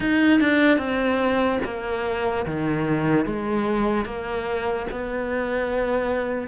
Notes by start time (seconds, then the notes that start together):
0.00 D#4
0.40 D4
0.78 C4
1.64 A#3
2.45 D#3
3.25 G#3
4.05 A#3
4.91 B3